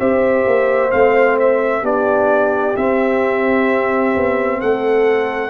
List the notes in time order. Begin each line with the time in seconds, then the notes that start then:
0.00 C4 G4 C5 E5
0.47 A#3
0.91 A3 C4 F5
1.39 E5
1.82 B3 D4 G4 D5
2.76 C4 E5
4.16 B3
4.60 A3 A4 F#5